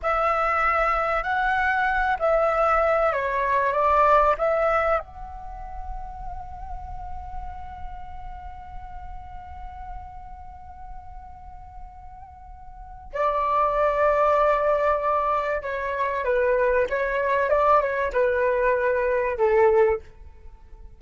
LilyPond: \new Staff \with { instrumentName = "flute" } { \time 4/4 \tempo 4 = 96 e''2 fis''4. e''8~ | e''4 cis''4 d''4 e''4 | fis''1~ | fis''1~ |
fis''1~ | fis''4 d''2.~ | d''4 cis''4 b'4 cis''4 | d''8 cis''8 b'2 a'4 | }